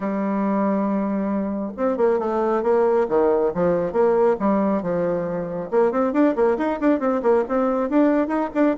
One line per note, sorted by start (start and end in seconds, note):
0.00 1.72 G3
1.76 1.97 C4
1.97 2.19 A#3
2.19 2.62 A3
2.62 3.06 A#3
3.08 3.52 D#3
3.54 3.92 F3
3.92 4.36 A#3
4.39 4.82 G3
4.82 5.70 F3
5.70 5.91 A#3
5.91 6.12 C4
6.12 6.34 D4
6.35 6.57 A#3
6.57 6.79 D#4
6.80 6.99 D4
6.99 7.21 C4
7.22 7.44 A#3
7.48 7.89 C4
7.89 8.27 D4
8.27 8.49 D#4
8.54 8.76 D4